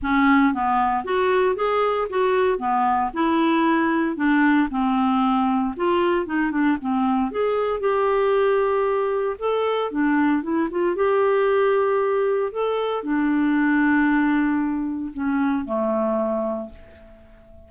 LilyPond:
\new Staff \with { instrumentName = "clarinet" } { \time 4/4 \tempo 4 = 115 cis'4 b4 fis'4 gis'4 | fis'4 b4 e'2 | d'4 c'2 f'4 | dis'8 d'8 c'4 gis'4 g'4~ |
g'2 a'4 d'4 | e'8 f'8 g'2. | a'4 d'2.~ | d'4 cis'4 a2 | }